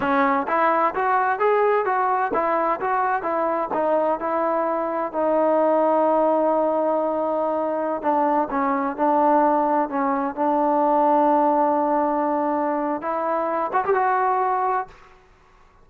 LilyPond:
\new Staff \with { instrumentName = "trombone" } { \time 4/4 \tempo 4 = 129 cis'4 e'4 fis'4 gis'4 | fis'4 e'4 fis'4 e'4 | dis'4 e'2 dis'4~ | dis'1~ |
dis'4~ dis'16 d'4 cis'4 d'8.~ | d'4~ d'16 cis'4 d'4.~ d'16~ | d'1 | e'4. fis'16 g'16 fis'2 | }